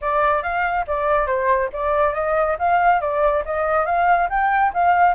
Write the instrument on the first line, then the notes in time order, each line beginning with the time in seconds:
flute
0.01 D5
0.42 F5
0.87 D5
1.26 C5
1.73 D5
2.14 D#5
2.58 F5
3.01 D5
3.45 D#5
3.85 F5
4.29 G5
4.73 F5